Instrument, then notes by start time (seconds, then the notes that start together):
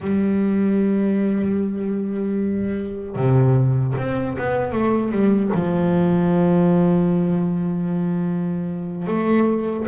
double bass
0.00 G3
3.15 C3
3.97 C4
4.37 B3
4.72 A3
5.11 G3
5.54 F3
9.07 A3